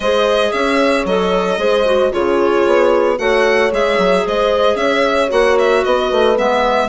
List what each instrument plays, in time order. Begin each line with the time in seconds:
0.00 bassoon G#3, clarinet G#4, horn C5, violin D#5
0.52 bassoon C#4, horn C#5, violin E5
1.05 bassoon F#3, clarinet A4, violin D#5
1.58 bassoon G#3, clarinet G#4, horn C5
1.85 clarinet F#4
2.11 bassoon C#3, clarinet F4, horn G#4, violin C#5
2.66 bassoon B3
3.17 bassoon A3, clarinet F#4, horn C#5, violin F#5
3.70 bassoon G#3, clarinet G#4, violin E5
3.98 bassoon F#3
4.25 bassoon G#3, horn C5, violin D#5
4.75 bassoon C#4, horn C#5, violin E5
5.29 bassoon A#3, clarinet F#4, violin F#5
5.58 violin E5
5.84 bassoon B3, horn B4, violin D#5
6.11 bassoon A3
6.36 bassoon G#3, clarinet B3, violin E5